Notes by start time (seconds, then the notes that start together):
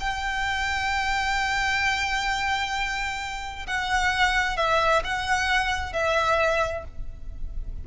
0.00 G5
3.67 F#5
4.57 E5
5.04 F#5
5.93 E5